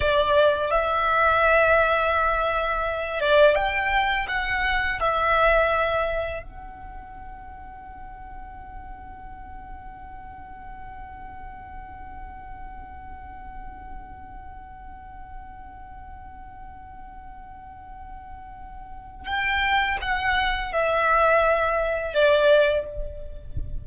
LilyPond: \new Staff \with { instrumentName = "violin" } { \time 4/4 \tempo 4 = 84 d''4 e''2.~ | e''8 d''8 g''4 fis''4 e''4~ | e''4 fis''2.~ | fis''1~ |
fis''1~ | fis''1~ | fis''2. g''4 | fis''4 e''2 d''4 | }